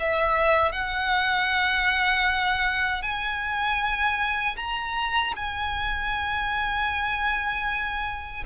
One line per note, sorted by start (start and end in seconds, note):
0.00 0.72 E5
0.72 3.03 F#5
3.03 4.57 G#5
4.57 5.34 A#5
5.36 8.44 G#5